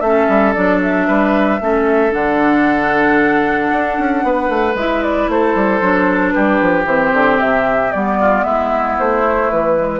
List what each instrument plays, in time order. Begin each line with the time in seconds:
0.00 bassoon A3, clarinet C#4, oboe A4, flute E5
0.28 bassoon G3
0.53 bassoon F#3, clarinet D4, flute D5
0.82 flute E5
1.07 bassoon G3, oboe B4
1.60 bassoon A3, clarinet C#4, oboe A4
2.10 bassoon D3, clarinet D4, flute F#5
3.72 bassoon D4
3.98 bassoon C#4
4.23 bassoon B3, oboe B4
4.48 bassoon A3
4.74 bassoon G#3, clarinet E4, flute E5
5.02 flute D5
5.28 bassoon A3, oboe A4, flute C5
5.55 bassoon G3
5.81 bassoon F#3, clarinet D4
6.30 bassoon G3, oboe G4, flute B4
6.61 bassoon F3
6.85 bassoon E3, clarinet C4, flute C5
7.13 bassoon D3
7.39 bassoon C3, flute E5
7.91 bassoon G3, clarinet B3, flute D5
8.20 oboe F4
8.43 bassoon G#3, oboe E4, flute E5
8.98 bassoon A3, flute C5
9.24 clarinet A3
9.50 bassoon E3, flute B4
9.77 clarinet G#3